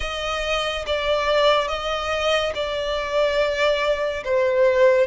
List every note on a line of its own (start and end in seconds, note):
0.00 0.85 D#5
0.86 1.68 D5
1.68 2.52 D#5
2.54 4.23 D5
4.24 5.07 C5